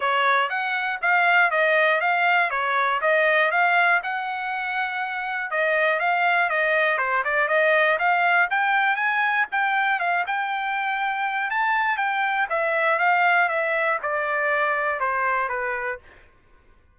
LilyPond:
\new Staff \with { instrumentName = "trumpet" } { \time 4/4 \tempo 4 = 120 cis''4 fis''4 f''4 dis''4 | f''4 cis''4 dis''4 f''4 | fis''2. dis''4 | f''4 dis''4 c''8 d''8 dis''4 |
f''4 g''4 gis''4 g''4 | f''8 g''2~ g''8 a''4 | g''4 e''4 f''4 e''4 | d''2 c''4 b'4 | }